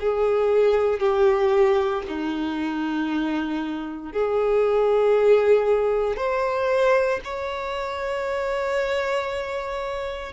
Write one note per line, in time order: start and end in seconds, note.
0.00 0.99 G#4
0.99 2.03 G4
2.08 4.12 D#4
4.12 6.17 G#4
6.17 7.20 C5
7.25 10.33 C#5